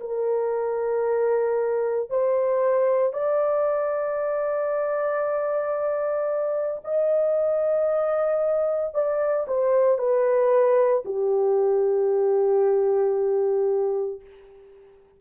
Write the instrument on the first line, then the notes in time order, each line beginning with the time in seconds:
horn
0.00 A#4
2.10 C5
3.13 D5
6.84 D#5
8.94 D5
9.47 C5
9.98 B4
11.05 G4